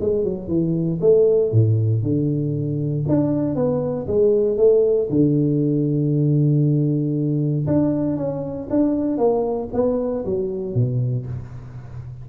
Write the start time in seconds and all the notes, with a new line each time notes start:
0.00 G#3
0.24 F#3
0.48 E3
1.00 A3
1.52 A2
2.03 D3
3.08 D4
3.55 B3
4.07 G#3
4.57 A3
5.10 D3
7.67 D4
8.17 C#4
8.70 D4
9.17 A#3
9.73 B3
10.25 F#3
10.74 B2